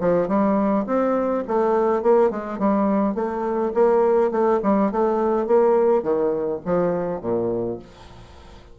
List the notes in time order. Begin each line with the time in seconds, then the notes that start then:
0.00 F3
0.28 G3
0.87 C4
1.48 A3
2.02 A#3
2.31 G#3
2.59 G3
3.15 A3
3.74 A#3
4.31 A3
4.63 G3
4.92 A3
5.47 A#3
6.03 D#3
6.66 F3
7.21 A#2